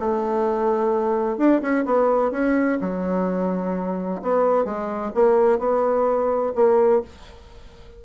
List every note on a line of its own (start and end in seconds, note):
0.00 1.38 A3
1.38 1.62 D4
1.62 1.85 C#4
1.86 2.32 B3
2.32 2.79 C#4
2.81 4.22 F#3
4.22 4.65 B3
4.65 5.12 G#3
5.15 5.59 A#3
5.59 6.53 B3
6.56 7.02 A#3